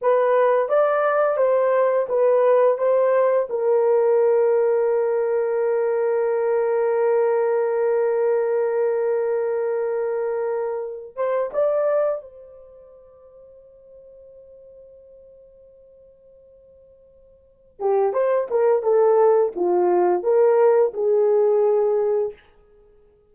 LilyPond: \new Staff \with { instrumentName = "horn" } { \time 4/4 \tempo 4 = 86 b'4 d''4 c''4 b'4 | c''4 ais'2.~ | ais'1~ | ais'1 |
c''8 d''4 c''2~ c''8~ | c''1~ | c''4. g'8 c''8 ais'8 a'4 | f'4 ais'4 gis'2 | }